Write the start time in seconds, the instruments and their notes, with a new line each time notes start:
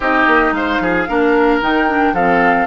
0.00 bassoon C4, clarinet D#4, oboe G4, flute D#5
0.26 bassoon A#3
0.51 bassoon G#3, oboe C5, flute F5
0.80 bassoon F3, oboe G#4
1.08 bassoon A#3, clarinet D4, oboe A#4
1.61 bassoon D#3, clarinet D#4, flute G5
1.88 clarinet D4
2.12 bassoon F3, clarinet C4, oboe A4, flute F5